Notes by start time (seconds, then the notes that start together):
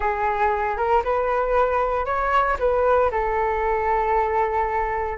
0.00 G#4
0.77 A#4
1.03 B4
2.05 C#5
2.59 B4
3.11 A4